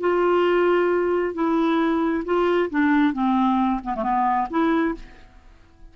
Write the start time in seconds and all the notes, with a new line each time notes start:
0.00 F4
1.34 E4
2.25 F4
2.70 D4
3.13 C4
3.84 B3
3.95 A3
4.03 B3
4.50 E4